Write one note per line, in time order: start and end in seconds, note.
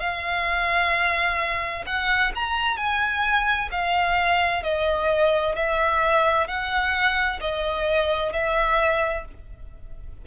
0.00 1.85 F5
1.87 2.33 F#5
2.35 2.77 A#5
2.77 3.70 G#5
3.72 4.63 F5
4.63 5.56 D#5
5.56 6.48 E5
6.48 7.40 F#5
7.41 8.33 D#5
8.33 9.25 E5